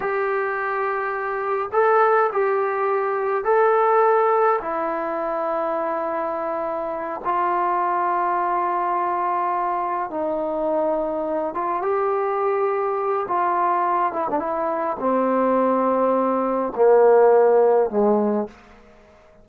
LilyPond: \new Staff \with { instrumentName = "trombone" } { \time 4/4 \tempo 4 = 104 g'2. a'4 | g'2 a'2 | e'1~ | e'8 f'2.~ f'8~ |
f'4. dis'2~ dis'8 | f'8 g'2~ g'8 f'4~ | f'8 e'16 d'16 e'4 c'2~ | c'4 ais2 gis4 | }